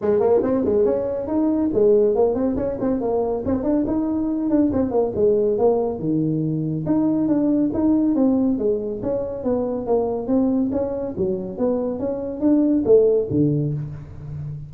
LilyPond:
\new Staff \with { instrumentName = "tuba" } { \time 4/4 \tempo 4 = 140 gis8 ais8 c'8 gis8 cis'4 dis'4 | gis4 ais8 c'8 cis'8 c'8 ais4 | c'8 d'8 dis'4. d'8 c'8 ais8 | gis4 ais4 dis2 |
dis'4 d'4 dis'4 c'4 | gis4 cis'4 b4 ais4 | c'4 cis'4 fis4 b4 | cis'4 d'4 a4 d4 | }